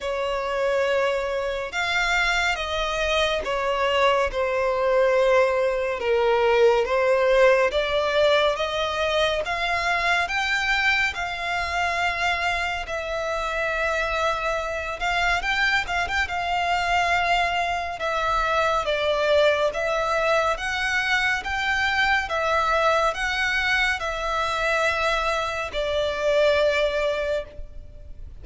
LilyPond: \new Staff \with { instrumentName = "violin" } { \time 4/4 \tempo 4 = 70 cis''2 f''4 dis''4 | cis''4 c''2 ais'4 | c''4 d''4 dis''4 f''4 | g''4 f''2 e''4~ |
e''4. f''8 g''8 f''16 g''16 f''4~ | f''4 e''4 d''4 e''4 | fis''4 g''4 e''4 fis''4 | e''2 d''2 | }